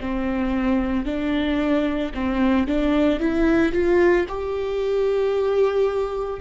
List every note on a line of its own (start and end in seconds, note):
0.00 1.06 C4
1.06 2.13 D4
2.14 2.67 C4
2.67 3.20 D4
3.20 3.73 E4
3.73 4.26 F4
4.29 6.41 G4